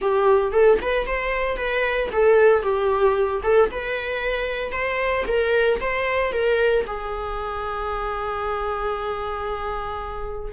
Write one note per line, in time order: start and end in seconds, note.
0.01 0.51 G4
0.51 0.78 A4
0.81 1.06 B4
1.06 1.56 C5
1.56 2.09 B4
2.11 2.62 A4
2.62 3.41 G4
3.43 3.69 A4
3.71 4.72 B4
4.72 5.24 C5
5.27 5.79 A#4
5.80 6.32 C5
6.32 6.85 A#4
6.87 10.53 G#4